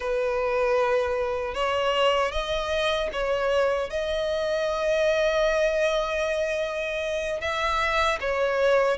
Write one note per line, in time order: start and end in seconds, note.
0.00 1.54 B4
1.54 2.31 C#5
2.31 3.09 D#5
3.12 3.90 C#5
3.90 7.40 D#5
7.41 8.19 E5
8.20 8.97 C#5